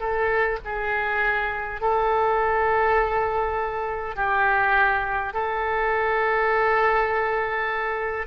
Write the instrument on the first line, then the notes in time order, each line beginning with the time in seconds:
oboe
0.00 A4
0.65 G#4
1.81 A4
4.16 G4
5.34 A4